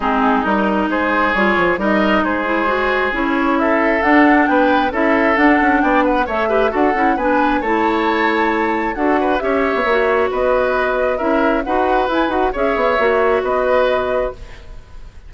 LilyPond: <<
  \new Staff \with { instrumentName = "flute" } { \time 4/4 \tempo 4 = 134 gis'4 ais'4 c''4 cis''4 | dis''4 c''2 cis''4 | e''4 fis''4 g''4 e''4 | fis''4 g''8 fis''8 e''4 fis''4 |
gis''4 a''2. | fis''4 e''2 dis''4~ | dis''4 e''4 fis''4 gis''8 fis''8 | e''2 dis''2 | }
  \new Staff \with { instrumentName = "oboe" } { \time 4/4 dis'2 gis'2 | ais'4 gis'2. | a'2 b'4 a'4~ | a'4 d''8 b'8 cis''8 b'8 a'4 |
b'4 cis''2. | a'8 b'8 cis''2 b'4~ | b'4 ais'4 b'2 | cis''2 b'2 | }
  \new Staff \with { instrumentName = "clarinet" } { \time 4/4 c'4 dis'2 f'4 | dis'4. e'8 fis'4 e'4~ | e'4 d'2 e'4 | d'2 a'8 g'8 fis'8 e'8 |
d'4 e'2. | fis'4 g'4 fis'2~ | fis'4 e'4 fis'4 e'8 fis'8 | gis'4 fis'2. | }
  \new Staff \with { instrumentName = "bassoon" } { \time 4/4 gis4 g4 gis4 g8 f8 | g4 gis2 cis'4~ | cis'4 d'4 b4 cis'4 | d'8 cis'8 b4 a4 d'8 cis'8 |
b4 a2. | d'4 cis'8. b16 ais4 b4~ | b4 cis'4 dis'4 e'8 dis'8 | cis'8 b8 ais4 b2 | }
>>